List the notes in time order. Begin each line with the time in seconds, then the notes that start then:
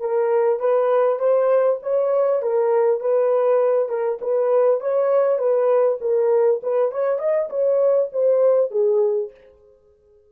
0.00 A#4
0.60 B4
1.19 C5
1.82 C#5
2.42 A#4
3.00 B4
3.89 A#4
4.21 B4
4.80 C#5
5.38 B4
6.01 A#4
6.63 B4
6.92 C#5
7.19 D#5
7.50 C#5
8.12 C5
8.71 G#4